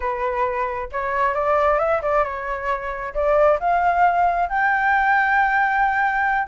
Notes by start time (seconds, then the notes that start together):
0.00 B4
0.92 C#5
1.34 D5
1.78 E5
2.02 D5
2.24 C#5
3.14 D5
3.59 F5
4.49 G5